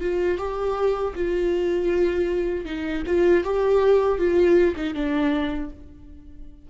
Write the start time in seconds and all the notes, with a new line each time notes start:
0.00 F4
0.38 G4
1.15 F4
2.65 D#4
3.06 F4
3.44 G4
4.18 F4
4.76 D#4
4.94 D4